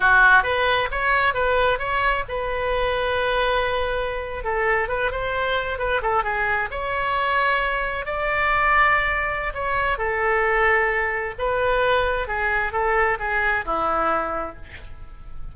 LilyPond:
\new Staff \with { instrumentName = "oboe" } { \time 4/4 \tempo 4 = 132 fis'4 b'4 cis''4 b'4 | cis''4 b'2.~ | b'4.~ b'16 a'4 b'8 c''8.~ | c''8. b'8 a'8 gis'4 cis''4~ cis''16~ |
cis''4.~ cis''16 d''2~ d''16~ | d''4 cis''4 a'2~ | a'4 b'2 gis'4 | a'4 gis'4 e'2 | }